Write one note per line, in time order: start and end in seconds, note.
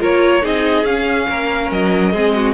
0.00 0.44 A#3
0.00 0.42 F4
0.00 0.43 A#4
0.00 0.46 C#5
0.42 0.85 C4
0.42 0.85 D#4
0.42 1.28 G#4
0.42 0.86 D#5
0.85 1.27 C#4
0.85 2.15 C#4
0.85 1.71 F5
1.29 1.72 A#3
1.29 2.13 A#4
1.72 2.14 F#3
1.72 2.55 D#5
2.13 2.55 G#3
2.13 2.55 C4
2.13 2.34 G#4
2.35 2.55 F#4